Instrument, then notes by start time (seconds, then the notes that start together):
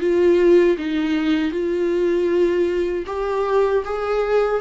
viola
0.00 F4
0.78 D#4
1.51 F4
3.07 G4
3.85 G#4